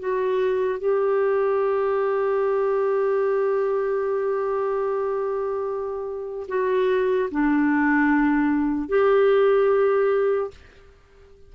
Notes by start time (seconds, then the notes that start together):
0.00 F#4
0.80 G4
6.49 F#4
7.31 D4
8.89 G4